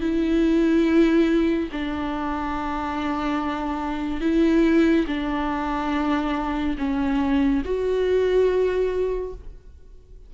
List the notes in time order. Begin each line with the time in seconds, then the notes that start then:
0.00 E4
1.72 D4
4.21 E4
5.07 D4
6.78 C#4
7.64 F#4